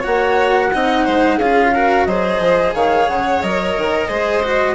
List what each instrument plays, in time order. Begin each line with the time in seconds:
0.00 bassoon A#3, cello F#4, violin C#5, flute F#5
0.73 bassoon C4, cello D#4, violin D#5
1.04 bassoon G#3, violin C5
1.37 bassoon C#4, cello F4, violin G#4, flute F5
1.73 cello F#4, violin A#4
2.05 bassoon F#3, cello G#4, violin C5, flute D#5
2.39 bassoon F3
2.74 bassoon D#3, violin C#5, flute F5
3.08 bassoon C#3, flute F#5
3.41 bassoon F#3, cello A#4, flute D#5
3.77 bassoon D#3
4.07 bassoon G#3, cello G#4, violin C5
4.42 cello F#4